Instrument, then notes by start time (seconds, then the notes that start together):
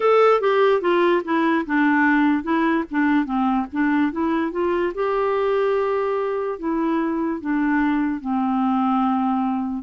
clarinet
0.00 A4
0.40 G4
0.81 F4
1.24 E4
1.66 D4
2.42 E4
2.90 D4
3.25 C4
3.72 D4
4.11 E4
4.51 F4
4.94 G4
6.58 E4
7.40 D4
8.20 C4